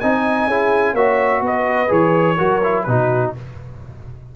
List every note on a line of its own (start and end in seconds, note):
0.00 0.47 C4
0.00 0.50 D#4
0.00 0.48 D#5
0.00 0.95 G#5
0.47 0.94 C#4
0.47 0.97 E4
0.47 0.93 G#4
0.93 1.41 A#3
0.93 1.88 F#4
0.93 1.41 C#5
0.93 1.42 E5
1.41 1.89 B3
1.41 2.37 B4
1.41 1.92 D#5
1.88 2.38 E3
1.88 2.35 G#4
1.88 2.83 C#5
2.37 2.87 F#3
2.37 2.62 F#4
2.37 2.85 A#4
2.63 2.87 E4
2.83 3.34 B2
2.83 3.35 D#4
2.83 3.35 F#4
2.83 3.30 B4